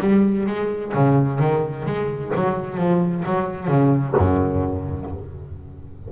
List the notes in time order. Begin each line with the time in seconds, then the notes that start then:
0.00 G3
0.46 G#3
0.94 C#3
1.39 D#3
1.85 G#3
2.35 F#3
2.77 F3
3.25 F#3
3.67 C#3
4.17 F#2